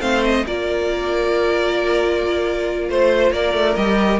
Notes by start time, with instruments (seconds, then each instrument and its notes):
0.00 cello A3, viola C4, violin C5 F5
0.24 violin D#5
0.46 cello A#3, viola F4, violin A#4 D5
2.89 cello A3, violin C5
3.31 cello A#3, violin A#4 D5
3.53 cello A3
3.75 cello G3, viola G4, violin D#5